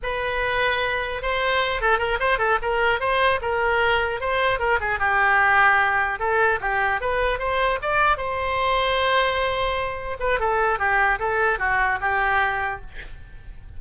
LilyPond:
\new Staff \with { instrumentName = "oboe" } { \time 4/4 \tempo 4 = 150 b'2. c''4~ | c''8 a'8 ais'8 c''8 a'8 ais'4 c''8~ | c''8 ais'2 c''4 ais'8 | gis'8 g'2. a'8~ |
a'8 g'4 b'4 c''4 d''8~ | d''8 c''2.~ c''8~ | c''4. b'8 a'4 g'4 | a'4 fis'4 g'2 | }